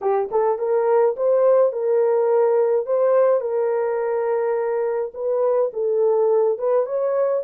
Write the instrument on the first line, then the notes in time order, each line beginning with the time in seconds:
horn
0.01 G4
0.31 A4
0.58 A#4
1.16 C5
1.72 A#4
2.86 C5
3.40 A#4
5.14 B4
5.73 A4
6.58 B4
6.86 C#5